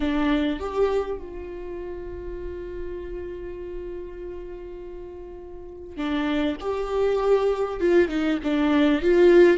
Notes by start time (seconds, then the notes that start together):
0.00 D4
0.59 G4
1.18 F4
5.96 D4
6.60 G4
7.80 F4
8.08 D#4
8.43 D4
9.02 F4